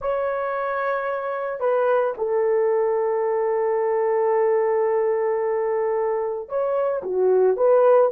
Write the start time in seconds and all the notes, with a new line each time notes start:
0.01 C#5
1.60 B4
2.17 A4
6.49 C#5
7.03 F#4
7.57 B4